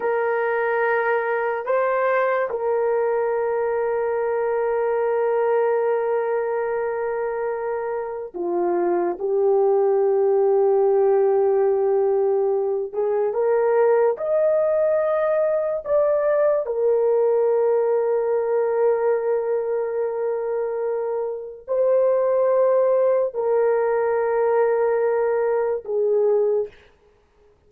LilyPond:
\new Staff \with { instrumentName = "horn" } { \time 4/4 \tempo 4 = 72 ais'2 c''4 ais'4~ | ais'1~ | ais'2 f'4 g'4~ | g'2.~ g'8 gis'8 |
ais'4 dis''2 d''4 | ais'1~ | ais'2 c''2 | ais'2. gis'4 | }